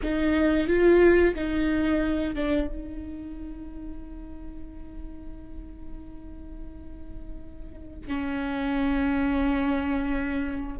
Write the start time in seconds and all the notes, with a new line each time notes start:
0.02 D#4
0.67 F4
1.35 D#4
2.34 D4
2.67 D#4
8.07 C#4